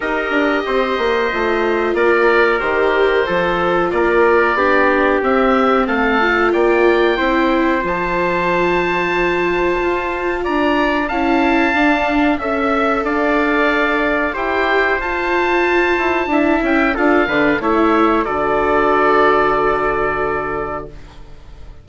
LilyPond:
<<
  \new Staff \with { instrumentName = "oboe" } { \time 4/4 \tempo 4 = 92 dis''2. d''4 | c''2 d''2 | e''4 f''4 g''2 | a''1 |
ais''4 a''2 e''4 | f''2 g''4 a''4~ | a''4. g''8 f''4 e''4 | d''1 | }
  \new Staff \with { instrumentName = "trumpet" } { \time 4/4 ais'4 c''2 ais'4~ | ais'4 a'4 ais'4 g'4~ | g'4 a'4 d''4 c''4~ | c''1 |
d''4 f''2 e''4 | d''2 c''2~ | c''4 e''4 a'8 b'8 cis''4 | a'1 | }
  \new Staff \with { instrumentName = "viola" } { \time 4/4 g'2 f'2 | g'4 f'2 d'4 | c'4. f'4. e'4 | f'1~ |
f'4 e'4 d'4 a'4~ | a'2 g'4 f'4~ | f'4 e'4 f'8 d'8 e'4 | fis'1 | }
  \new Staff \with { instrumentName = "bassoon" } { \time 4/4 dis'8 d'8 c'8 ais8 a4 ais4 | dis4 f4 ais4 b4 | c'4 a4 ais4 c'4 | f2. f'4 |
d'4 cis'4 d'4 cis'4 | d'2 e'4 f'4~ | f'8 e'8 d'8 cis'8 d'8 d8 a4 | d1 | }
>>